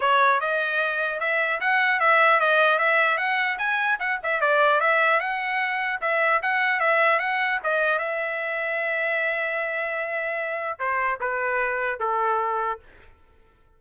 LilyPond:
\new Staff \with { instrumentName = "trumpet" } { \time 4/4 \tempo 4 = 150 cis''4 dis''2 e''4 | fis''4 e''4 dis''4 e''4 | fis''4 gis''4 fis''8 e''8 d''4 | e''4 fis''2 e''4 |
fis''4 e''4 fis''4 dis''4 | e''1~ | e''2. c''4 | b'2 a'2 | }